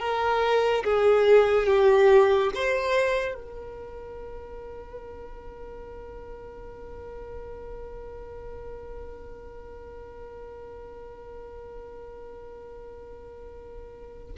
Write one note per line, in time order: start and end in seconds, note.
0.00 0.85 A#4
0.85 1.67 G#4
1.67 2.52 G4
2.55 3.35 C5
3.35 14.34 A#4